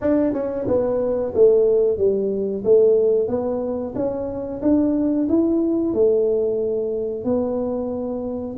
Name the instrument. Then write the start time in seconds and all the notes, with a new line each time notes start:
tuba
0.01 D4
0.33 C#4
0.67 B3
1.34 A3
1.98 G3
2.64 A3
3.28 B3
3.95 C#4
4.62 D4
5.29 E4
5.93 A3
7.24 B3